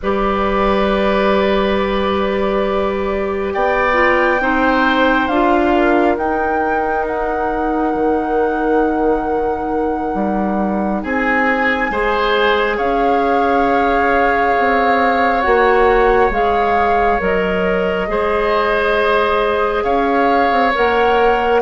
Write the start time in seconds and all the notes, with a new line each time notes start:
0.02 G3 G4 B4 D5
3.53 B3 D5 G5
3.93 F4
4.40 C4 D#4 C5
5.27 D4 F4 F5
5.74 A#4
6.17 D#4 G5
7.06 F#5
7.94 D#3
10.14 G3
11.02 C4 G#4 G#5
11.90 G#3 G#4 C5
12.76 C#4 C#5 F5
14.58 C4
15.41 A#3 F#4 F#5
16.30 G#3 G#4 F5
17.19 F#3 A#4 D#5
18.07 G#3 G#4 C5
19.83 C#4 C#5 F5
20.50 C4
20.74 A#3 A#4 F#5